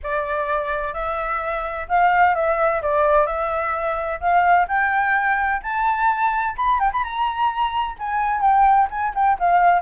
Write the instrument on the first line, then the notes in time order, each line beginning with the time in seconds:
flute
0.03 D5
0.93 E5
1.88 F5
2.34 E5
2.81 D5
3.26 E5
4.20 F5
4.67 G5
5.62 A5
6.56 B5
6.79 G5
6.92 B5
7.03 A#5
7.99 G#5
8.41 G5
8.90 G#5
9.14 G5
9.39 F5